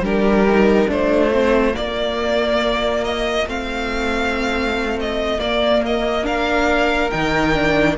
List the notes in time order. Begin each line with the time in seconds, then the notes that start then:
0.00 G3 D4 G4 A#4
0.49 D#4
0.88 A3 D4 F4 C5
1.32 C4
1.73 A#3 D5
3.04 D#5
3.47 A3 C4 F5
5.00 D#5
5.37 A#3 D5
5.86 D#5
6.23 D4 A#4 F5
7.10 D#3 D#4 G5
7.54 D4